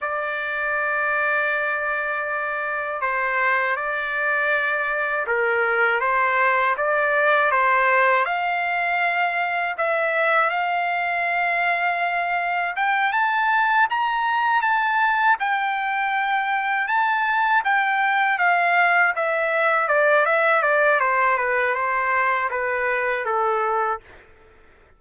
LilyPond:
\new Staff \with { instrumentName = "trumpet" } { \time 4/4 \tempo 4 = 80 d''1 | c''4 d''2 ais'4 | c''4 d''4 c''4 f''4~ | f''4 e''4 f''2~ |
f''4 g''8 a''4 ais''4 a''8~ | a''8 g''2 a''4 g''8~ | g''8 f''4 e''4 d''8 e''8 d''8 | c''8 b'8 c''4 b'4 a'4 | }